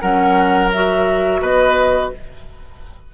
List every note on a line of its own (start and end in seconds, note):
0.00 1.41 F#3
0.00 0.70 C#4
0.00 1.41 A#4
0.00 0.70 F#5
0.72 2.14 F#4
0.72 1.42 E5
1.41 2.11 B3
1.41 2.11 B4
1.41 2.12 D#5